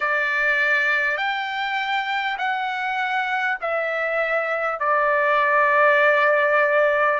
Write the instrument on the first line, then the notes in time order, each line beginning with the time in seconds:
trumpet
0.00 D5
1.17 G5
2.38 F#5
3.61 E5
4.79 D5